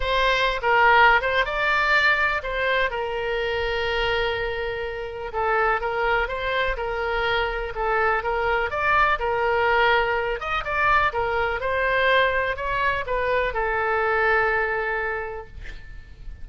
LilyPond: \new Staff \with { instrumentName = "oboe" } { \time 4/4 \tempo 4 = 124 c''4~ c''16 ais'4~ ais'16 c''8 d''4~ | d''4 c''4 ais'2~ | ais'2. a'4 | ais'4 c''4 ais'2 |
a'4 ais'4 d''4 ais'4~ | ais'4. dis''8 d''4 ais'4 | c''2 cis''4 b'4 | a'1 | }